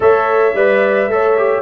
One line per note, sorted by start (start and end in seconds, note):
0.00 0.54 A3
0.00 0.52 A4
0.00 0.55 C#5
0.00 1.62 E5
0.54 1.07 G3
0.54 1.10 B4
0.54 1.09 D5
1.07 1.62 A3
1.07 1.37 A4
1.07 1.62 C#5
1.37 1.62 G4